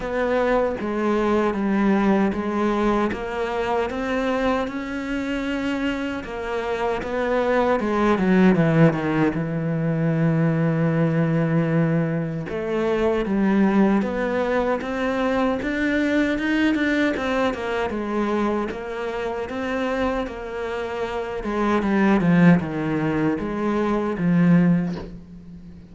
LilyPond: \new Staff \with { instrumentName = "cello" } { \time 4/4 \tempo 4 = 77 b4 gis4 g4 gis4 | ais4 c'4 cis'2 | ais4 b4 gis8 fis8 e8 dis8 | e1 |
a4 g4 b4 c'4 | d'4 dis'8 d'8 c'8 ais8 gis4 | ais4 c'4 ais4. gis8 | g8 f8 dis4 gis4 f4 | }